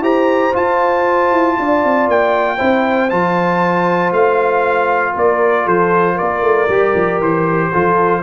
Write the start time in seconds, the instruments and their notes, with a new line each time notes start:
0.00 tuba E4, trombone G4, horn C5, trumpet A#5
0.53 trombone F4, tuba F4, trumpet A5
1.31 tuba E4
1.59 tuba D4, horn D5
1.84 tuba C4
2.08 tuba A#3, trumpet G5
2.57 tuba C4, trombone E4, horn C5
3.10 tuba F3, trombone F4, trumpet A5
4.12 tuba A3, trumpet F5
5.14 tuba A#3, horn A#4, trumpet D5
5.65 tuba F3, horn A4, trumpet C5
6.15 horn A#4, trumpet D5
6.21 tuba A#3
6.42 tuba A3
6.68 tuba G3, trombone G4
6.95 tuba F3
7.21 tuba E3, trumpet C5
7.71 tuba F3, trombone F4, horn A4